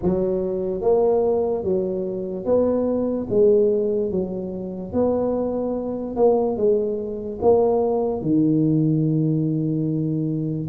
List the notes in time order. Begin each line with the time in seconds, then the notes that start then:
0.02 F#3
0.81 A#3
1.63 F#3
2.45 B3
3.29 G#3
4.11 F#3
4.92 B3
6.16 A#3
6.56 G#3
7.41 A#3
8.21 D#3